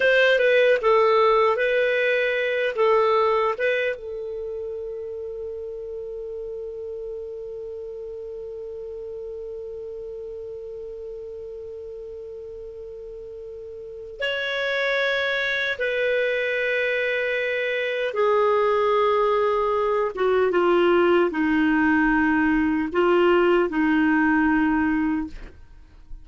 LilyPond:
\new Staff \with { instrumentName = "clarinet" } { \time 4/4 \tempo 4 = 76 c''8 b'8 a'4 b'4. a'8~ | a'8 b'8 a'2.~ | a'1~ | a'1~ |
a'2 cis''2 | b'2. gis'4~ | gis'4. fis'8 f'4 dis'4~ | dis'4 f'4 dis'2 | }